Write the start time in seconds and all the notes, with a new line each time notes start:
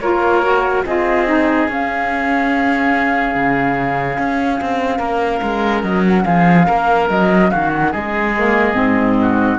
0.00 A#3 F4 A#4 C#5
0.42 F#4
0.85 C4 F4 G#4 D#5
1.27 D#4
1.68 C#4 F5
3.35 C#3
4.18 C#4
4.61 C4
4.98 A#3 A#4
5.42 G#3
5.83 F#3 D#5
6.07 F#5
6.24 F3 G#4 F5
6.67 A#3 A#4
7.10 F#3 D#5
7.50 D#3 F#4 F5
7.74 F#5
7.91 G#3 G#4 D#5
8.36 A#3
8.74 G#2 C4
9.22 F#4